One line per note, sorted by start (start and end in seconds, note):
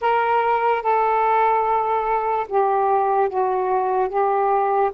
0.01 0.82 A#4
0.82 2.47 A4
2.48 3.29 G4
3.29 4.09 F#4
4.09 4.91 G4